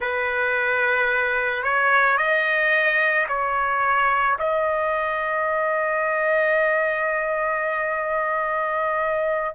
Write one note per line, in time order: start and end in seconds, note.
0.00 1.63 B4
1.63 2.17 C#5
2.17 3.26 D#5
3.28 4.37 C#5
4.38 9.55 D#5